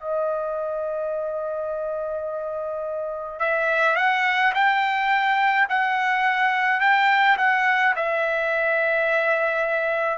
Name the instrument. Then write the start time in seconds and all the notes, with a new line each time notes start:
trumpet
0.00 D#5
3.40 E5
3.96 F#5
4.54 G5
5.69 F#5
6.80 G5
7.38 F#5
7.96 E5